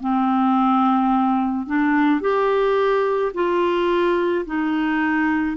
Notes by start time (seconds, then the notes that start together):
0.00 C4
1.67 D4
2.21 G4
3.34 F4
4.46 D#4